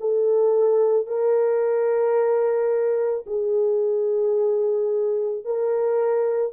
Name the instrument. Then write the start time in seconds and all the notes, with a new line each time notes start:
horn
0.00 A4
1.07 A#4
3.27 G#4
5.45 A#4